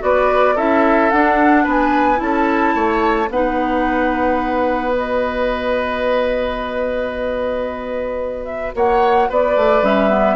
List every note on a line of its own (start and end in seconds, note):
0.00 0.56 B3
0.00 0.55 F#4
0.00 0.55 B4
0.00 0.57 D5
0.55 1.11 C#4
0.55 1.12 E4
0.55 1.64 A4
0.55 1.10 E5
1.10 1.66 D4
1.10 2.16 D4
1.10 1.65 F#5
1.64 2.20 B3
1.64 2.18 B4
1.64 2.20 G#5
2.16 2.74 C#4
2.16 3.25 E4
2.16 3.29 A5
2.22 2.75 A4
2.74 3.28 A3
2.74 3.29 C#5
3.28 8.74 B3
3.28 4.92 D#4
3.28 8.75 B4
3.28 4.92 F#5
4.92 9.82 F#4
4.92 8.45 D#5
8.45 8.72 E5
8.75 9.29 A#3
8.75 9.29 C#5
8.75 9.31 F#5
9.29 9.56 B3
9.29 10.36 B4
9.29 9.85 D5
9.56 9.82 A3
9.82 10.36 G3
9.82 10.09 C#4
9.82 10.36 E5
10.09 10.36 B3